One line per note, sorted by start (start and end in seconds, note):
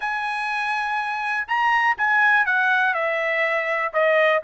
0.00 1.47 G#5
1.47 1.96 A#5
1.97 2.45 G#5
2.45 2.94 F#5
2.94 3.92 E5
3.93 4.42 D#5